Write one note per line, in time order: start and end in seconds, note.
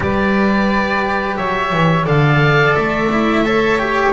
0.00 1.36 G3
0.00 2.04 G4
0.00 1.37 B4
0.00 1.36 D5
1.36 1.73 F#3
1.36 2.04 C#5
1.36 2.05 E5
1.73 2.06 E3
2.04 2.75 D3
2.04 3.08 A4
2.04 3.42 D5
2.04 2.75 F5
2.75 4.13 A3
2.75 4.12 E5
3.11 3.44 E4
3.44 3.79 A4
3.44 4.13 C#5
3.79 4.13 G4